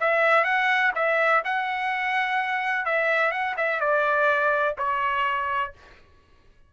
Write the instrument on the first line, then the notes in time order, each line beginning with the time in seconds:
trumpet
0.00 E5
0.44 F#5
0.95 E5
1.44 F#5
2.85 E5
3.31 F#5
3.57 E5
3.80 D5
4.78 C#5